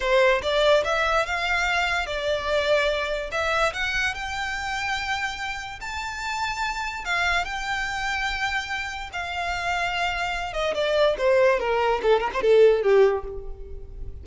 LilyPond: \new Staff \with { instrumentName = "violin" } { \time 4/4 \tempo 4 = 145 c''4 d''4 e''4 f''4~ | f''4 d''2. | e''4 fis''4 g''2~ | g''2 a''2~ |
a''4 f''4 g''2~ | g''2 f''2~ | f''4. dis''8 d''4 c''4 | ais'4 a'8 ais'16 c''16 a'4 g'4 | }